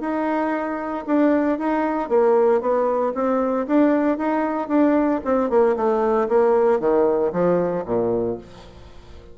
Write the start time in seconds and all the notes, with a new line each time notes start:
0.00 D#4
1.06 D4
1.58 D#4
2.09 A#3
2.61 B3
3.14 C4
3.67 D4
4.18 D#4
4.68 D4
5.24 C4
5.49 A#3
5.76 A3
6.28 A#3
6.80 D#3
7.32 F3
7.85 A#2